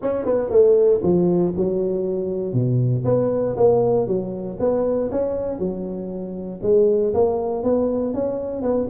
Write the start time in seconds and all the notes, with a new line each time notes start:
0.02 C#4
0.25 B3
0.49 A3
1.03 F3
1.56 F#3
2.53 B2
3.05 B3
3.56 A#3
4.07 F#3
4.59 B3
5.11 C#4
5.58 F#3
6.62 G#3
7.13 A#3
7.63 B3
8.14 C#4
8.62 B3